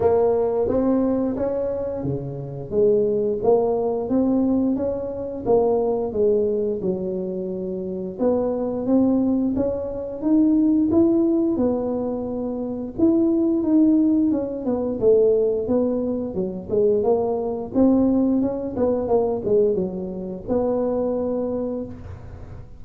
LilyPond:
\new Staff \with { instrumentName = "tuba" } { \time 4/4 \tempo 4 = 88 ais4 c'4 cis'4 cis4 | gis4 ais4 c'4 cis'4 | ais4 gis4 fis2 | b4 c'4 cis'4 dis'4 |
e'4 b2 e'4 | dis'4 cis'8 b8 a4 b4 | fis8 gis8 ais4 c'4 cis'8 b8 | ais8 gis8 fis4 b2 | }